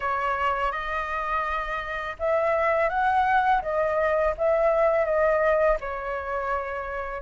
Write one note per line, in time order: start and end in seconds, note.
0.00 0.71 C#5
0.71 2.16 D#5
2.19 2.89 E5
2.89 3.61 F#5
3.61 4.34 D#5
4.37 5.05 E5
5.05 5.77 D#5
5.80 7.22 C#5